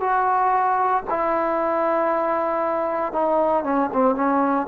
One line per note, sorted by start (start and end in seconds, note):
0.00 1.03 F#4
1.09 3.12 E4
3.12 3.63 D#4
3.63 3.89 C#4
3.93 4.15 C4
4.15 4.66 C#4